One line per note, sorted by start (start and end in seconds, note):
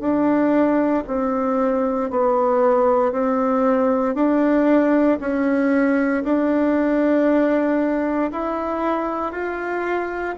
0.00 1.03 D4
1.07 2.11 C4
2.11 3.12 B3
3.12 4.15 C4
4.15 5.18 D4
5.20 6.24 C#4
6.24 8.31 D4
8.31 9.32 E4
9.32 10.35 F4